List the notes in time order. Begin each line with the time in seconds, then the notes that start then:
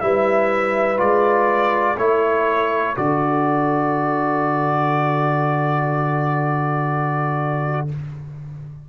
0.00 G3 E4 B4 E5
0.97 G#3 F4 D5
1.97 A3 E4 A4 C#5
2.96 D3 F#4 D5